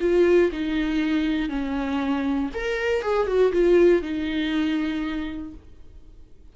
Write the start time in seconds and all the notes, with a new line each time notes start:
0.00 F4
0.52 D#4
1.49 C#4
2.53 A#4
3.02 G#4
3.26 F#4
3.52 F4
4.02 D#4